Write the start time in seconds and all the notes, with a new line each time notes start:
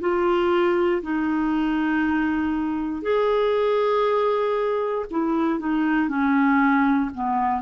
0.00 F4
1.02 D#4
3.02 G#4
5.11 E4
5.59 D#4
6.09 C#4
7.14 B3